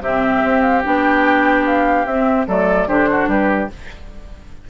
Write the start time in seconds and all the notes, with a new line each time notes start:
0.00 C3 C4 G4 E5
0.43 C4
0.61 F5
0.83 B3 D4 G5
1.66 F5
2.05 C4 E5
2.47 F#3 A3 A4 D5
2.87 D3 D4 G4 C5
3.11 F#4
3.27 G3 G4 B4